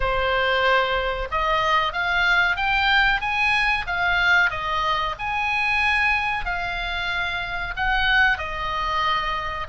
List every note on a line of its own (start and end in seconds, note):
0.00 1.28 C5
1.31 1.92 D#5
1.92 2.56 F5
2.56 3.21 G5
3.21 3.85 G#5
3.87 4.50 F5
4.50 5.15 D#5
5.18 6.45 G#5
6.45 7.74 F5
7.76 8.38 F#5
8.38 9.67 D#5